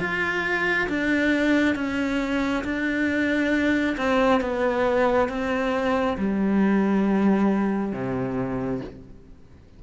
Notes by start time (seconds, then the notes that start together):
0.00 F4
0.89 D4
1.76 C#4
2.64 D4
3.98 C4
4.41 B3
5.29 C4
6.18 G3
7.93 C3